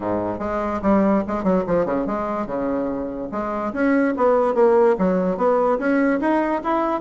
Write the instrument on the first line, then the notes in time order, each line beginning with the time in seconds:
bassoon
0.00 G#2
0.39 G#3
0.82 G3
1.27 G#3
1.43 F#3
1.67 F3
1.85 C#3
2.06 G#3
2.46 C#3
3.31 G#3
3.73 C#4
4.16 B3
4.54 A#3
4.98 F#3
5.37 B3
5.78 C#4
6.20 D#4
6.63 E4